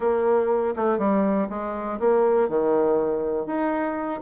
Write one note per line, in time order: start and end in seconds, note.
0.00 0.74 A#3
0.76 0.98 A3
0.98 1.47 G3
1.49 1.99 G#3
1.99 2.48 A#3
2.48 3.46 D#3
3.46 4.20 D#4